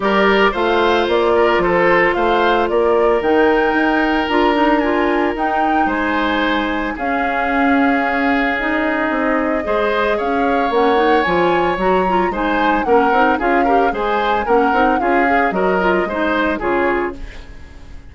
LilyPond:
<<
  \new Staff \with { instrumentName = "flute" } { \time 4/4 \tempo 4 = 112 d''4 f''4 d''4 c''4 | f''4 d''4 g''2 | ais''4 gis''4 g''4 gis''4~ | gis''4 f''2. |
dis''2. f''4 | fis''4 gis''4 ais''4 gis''4 | fis''4 f''4 gis''4 fis''4 | f''4 dis''2 cis''4 | }
  \new Staff \with { instrumentName = "oboe" } { \time 4/4 ais'4 c''4. ais'8 a'4 | c''4 ais'2.~ | ais'2. c''4~ | c''4 gis'2.~ |
gis'2 c''4 cis''4~ | cis''2. c''4 | ais'4 gis'8 ais'8 c''4 ais'4 | gis'4 ais'4 c''4 gis'4 | }
  \new Staff \with { instrumentName = "clarinet" } { \time 4/4 g'4 f'2.~ | f'2 dis'2 | f'8 dis'8 f'4 dis'2~ | dis'4 cis'2. |
dis'2 gis'2 | cis'8 dis'8 f'4 fis'8 f'8 dis'4 | cis'8 dis'8 f'8 g'8 gis'4 cis'8 dis'8 | f'8 gis'8 fis'8 f'8 dis'4 f'4 | }
  \new Staff \with { instrumentName = "bassoon" } { \time 4/4 g4 a4 ais4 f4 | a4 ais4 dis4 dis'4 | d'2 dis'4 gis4~ | gis4 cis'2.~ |
cis'4 c'4 gis4 cis'4 | ais4 f4 fis4 gis4 | ais8 c'8 cis'4 gis4 ais8 c'8 | cis'4 fis4 gis4 cis4 | }
>>